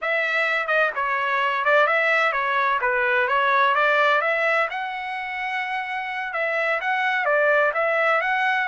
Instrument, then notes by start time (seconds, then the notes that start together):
trumpet
0.01 E5
0.67 D#5
0.95 C#5
1.64 D5
1.86 E5
2.32 C#5
2.81 B4
3.27 C#5
3.75 D5
4.21 E5
4.69 F#5
6.33 E5
6.81 F#5
7.25 D5
7.74 E5
8.21 F#5